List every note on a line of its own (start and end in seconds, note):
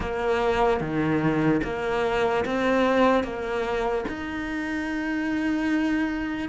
0.00 0.80 A#3
0.80 1.61 D#3
1.63 2.44 A#3
2.45 3.23 C4
3.23 4.04 A#3
4.08 6.48 D#4